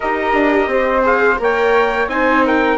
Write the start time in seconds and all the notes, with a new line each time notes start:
0.00 D#4 G4 A#4 D#5
0.33 D4
0.67 C4 C5
1.02 G#4 F5
1.37 A#3 A#4 C#5 G5
2.07 C4 D#4 C5 G#5
2.45 A#4 G5